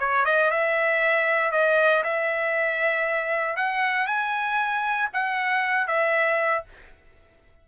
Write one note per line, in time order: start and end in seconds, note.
0.00 0.26 C#5
0.26 0.51 D#5
0.51 1.52 E5
1.52 2.03 D#5
2.04 3.57 E5
3.57 4.07 F#5
4.07 5.10 G#5
5.13 5.88 F#5
5.88 6.65 E5